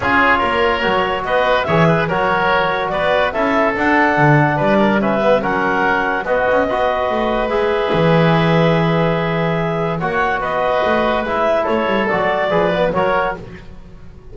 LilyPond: <<
  \new Staff \with { instrumentName = "clarinet" } { \time 4/4 \tempo 4 = 144 cis''2. dis''4 | e''4 cis''2 d''4 | e''4 fis''2 d''4 | e''4 fis''2 dis''4~ |
dis''2 e''2~ | e''1 | fis''4 dis''2 e''4 | cis''4 d''2 cis''4 | }
  \new Staff \with { instrumentName = "oboe" } { \time 4/4 gis'4 ais'2 b'4 | cis''8 b'8 ais'2 b'4 | a'2. b'8 ais'8 | b'4 ais'2 fis'4 |
b'1~ | b'1 | cis''4 b'2. | a'2 b'4 ais'4 | }
  \new Staff \with { instrumentName = "trombone" } { \time 4/4 f'2 fis'2 | gis'4 fis'2. | e'4 d'2. | cis'8 b8 cis'2 b4 |
fis'2 gis'2~ | gis'1 | fis'2. e'4~ | e'4 fis'4 gis'8 b8 fis'4 | }
  \new Staff \with { instrumentName = "double bass" } { \time 4/4 cis'4 ais4 fis4 b4 | e4 fis2 b4 | cis'4 d'4 d4 g4~ | g4 fis2 b8 cis'8 |
b4 a4 gis4 e4~ | e1 | ais4 b4 a4 gis4 | a8 g8 fis4 f4 fis4 | }
>>